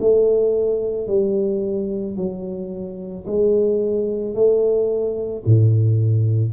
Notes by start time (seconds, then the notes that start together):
0.00 A3
1.08 G3
2.17 F#3
3.26 G#3
4.34 A3
5.45 A2